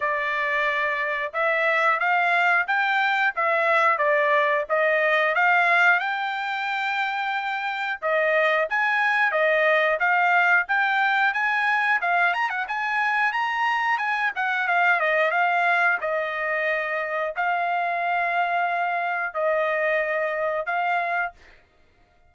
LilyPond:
\new Staff \with { instrumentName = "trumpet" } { \time 4/4 \tempo 4 = 90 d''2 e''4 f''4 | g''4 e''4 d''4 dis''4 | f''4 g''2. | dis''4 gis''4 dis''4 f''4 |
g''4 gis''4 f''8 ais''16 fis''16 gis''4 | ais''4 gis''8 fis''8 f''8 dis''8 f''4 | dis''2 f''2~ | f''4 dis''2 f''4 | }